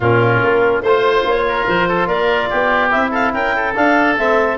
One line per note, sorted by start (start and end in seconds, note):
0.00 0.41 A#2
0.00 0.85 C#4
0.00 0.82 F4
0.00 0.83 A#4
0.42 0.81 A#3
0.81 1.23 A3
0.81 2.90 F4
0.81 1.44 C5
0.81 1.24 C5
1.24 1.66 A#3
1.24 1.67 C#5
1.48 1.88 A#4
1.67 2.07 F3
1.67 2.07 C5
1.88 2.07 A4
2.07 2.49 A#3
2.07 2.49 A#4
2.07 2.91 D5
2.49 2.94 B3
2.49 3.11 G4
2.90 3.33 C4
2.90 3.73 E4
2.90 3.12 E5
3.11 3.31 A4
3.11 3.33 F5
3.33 3.75 C#4
3.33 3.55 A#4
3.33 3.74 G5
3.55 4.58 A4
3.75 4.17 D4
3.75 4.17 F5
4.17 4.58 A3
4.17 4.58 C4
4.17 4.58 E5